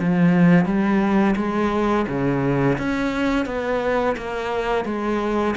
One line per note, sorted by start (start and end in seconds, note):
0.00 0.65 F3
0.65 1.35 G3
1.36 2.06 G#3
2.08 2.77 C#3
2.78 3.46 C#4
3.46 4.16 B3
4.17 4.85 A#3
4.85 5.55 G#3